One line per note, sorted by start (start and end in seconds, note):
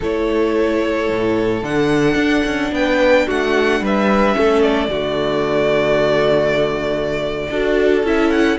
0.00 1.09 A3
0.00 1.62 E4
0.00 2.72 A4
0.00 1.64 C#5
1.09 1.62 A2
1.62 2.15 D3
1.62 4.34 D4
1.62 2.73 F#5
2.15 2.42 D4
2.45 2.71 C#4
2.71 3.26 B3
2.71 3.26 B4
2.71 3.28 G5
3.26 3.80 A3
3.26 3.81 F#4
3.26 3.84 F#5
3.80 4.35 G3
3.80 4.37 B4
3.80 4.61 E5
4.34 4.88 A3
4.34 4.88 C#4
4.34 4.90 A4
4.61 8.02 D5
4.88 7.47 D3
4.88 7.52 A3
4.88 7.49 F#4
7.50 8.03 D4
7.50 8.05 F#4
7.50 8.59 A4
8.03 8.57 C#4
8.03 8.59 E4
8.03 8.30 E5
8.30 8.57 F#5